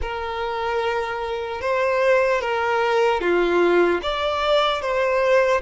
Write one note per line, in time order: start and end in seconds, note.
0.01 1.61 A#4
1.61 2.41 C5
2.41 3.20 A#4
3.20 4.00 F4
4.02 4.81 D5
4.81 5.61 C5